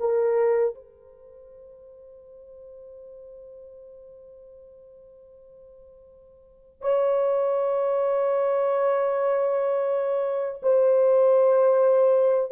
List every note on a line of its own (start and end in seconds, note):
0.00 0.75 A#4
0.75 6.81 C5
6.81 10.61 C#5
10.63 12.51 C5